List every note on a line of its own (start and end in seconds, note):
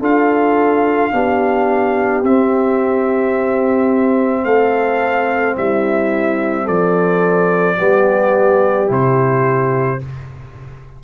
0.00 1.11 D4
0.00 1.12 F4
0.00 1.11 A4
0.00 2.25 F5
1.12 2.22 B3
1.12 2.24 D4
1.12 4.45 G4
2.22 4.44 C4
2.22 7.77 C4
2.22 4.44 E5
4.44 5.56 A3
4.44 5.56 A4
4.44 5.55 F5
5.56 6.68 G3
5.56 6.64 E4
5.56 6.67 E5
6.64 7.79 F3
6.64 7.75 A4
6.64 8.89 D5
7.77 8.89 G3
7.77 8.87 B3
7.77 10.00 G4
8.87 10.00 C3
8.87 9.98 E4
8.87 10.03 C5